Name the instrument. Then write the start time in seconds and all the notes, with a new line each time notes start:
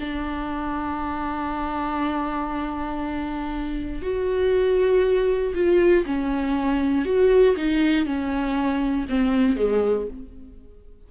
viola
0.00 D4
4.02 F#4
5.54 F4
6.05 C#4
7.05 F#4
7.56 D#4
8.06 C#4
9.09 C4
9.56 G#3